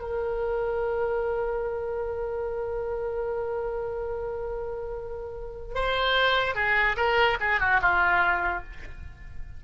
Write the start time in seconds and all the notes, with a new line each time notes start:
0.00 A#4
5.75 C5
6.55 G#4
6.97 A#4
7.40 G#4
7.60 F#4
7.81 F4